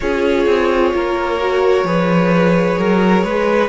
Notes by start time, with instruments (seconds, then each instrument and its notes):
0.00 cello C#4, viola F4, violin G#4 C#5
0.46 cello C4
0.94 cello A#3, violin A#4
1.39 viola F#4
1.83 cello F3, viola G#4, violin B4
2.78 cello F#3, violin A#4
3.23 cello G#3, violin B4